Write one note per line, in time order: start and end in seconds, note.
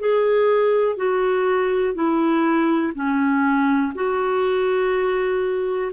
0.00 0.97 G#4
0.97 1.95 F#4
1.95 2.93 E4
2.95 3.93 C#4
3.95 5.92 F#4